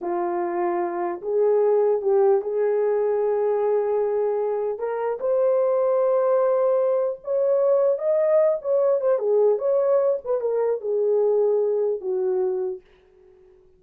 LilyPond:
\new Staff \with { instrumentName = "horn" } { \time 4/4 \tempo 4 = 150 f'2. gis'4~ | gis'4 g'4 gis'2~ | gis'1 | ais'4 c''2.~ |
c''2 cis''2 | dis''4. cis''4 c''8 gis'4 | cis''4. b'8 ais'4 gis'4~ | gis'2 fis'2 | }